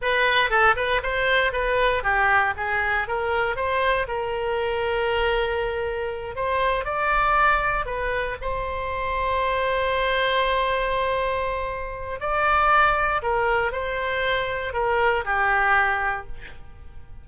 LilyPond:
\new Staff \with { instrumentName = "oboe" } { \time 4/4 \tempo 4 = 118 b'4 a'8 b'8 c''4 b'4 | g'4 gis'4 ais'4 c''4 | ais'1~ | ais'8 c''4 d''2 b'8~ |
b'8 c''2.~ c''8~ | c''1 | d''2 ais'4 c''4~ | c''4 ais'4 g'2 | }